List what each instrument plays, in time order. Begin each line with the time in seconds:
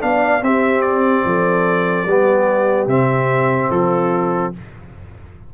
0.00 tuba B3, trombone D4, horn D5, trumpet F5
0.42 tuba C4, trombone C4, horn G4, trumpet E5
0.82 trumpet D5
1.24 tuba F3, horn A4
2.06 tuba G3, trombone B3, horn G4
2.87 tuba C3, trombone C4, trumpet E5
3.70 tuba F3, horn F4, trumpet A4